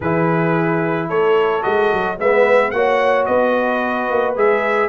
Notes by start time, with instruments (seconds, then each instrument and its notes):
0.00 tuba E3, trombone E4, horn G#4, trumpet B4
1.08 tuba A3, horn A4, trumpet C#5
1.61 tuba G#3, trombone F#4, trumpet D#5
1.92 tuba F#3
2.18 tuba G#3, trombone B3, horn B4, trumpet E5
2.70 tuba A#3, trombone F#4, horn C#5, trumpet F#5
3.25 tuba B3, horn B4, trumpet D#5
4.10 tuba A#3
4.36 tuba G#3, trombone G#4, trumpet E5